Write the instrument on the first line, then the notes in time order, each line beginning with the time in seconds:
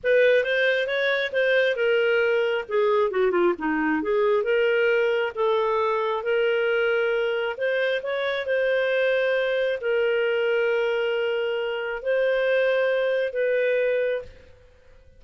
clarinet
0.03 B4
0.43 C5
0.87 C#5
1.32 C5
1.76 A#4
2.68 G#4
3.10 F#4
3.31 F4
3.58 D#4
4.02 G#4
4.43 A#4
5.35 A4
6.23 A#4
7.57 C5
8.02 C#5
8.45 C5
9.80 A#4
12.02 C5
13.33 B4